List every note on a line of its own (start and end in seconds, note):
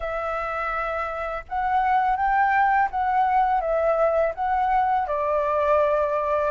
0.00 1.44 E5
1.48 2.16 F#5
2.16 2.88 G5
2.90 3.60 F#5
3.60 4.33 E5
4.34 5.07 F#5
5.07 6.51 D5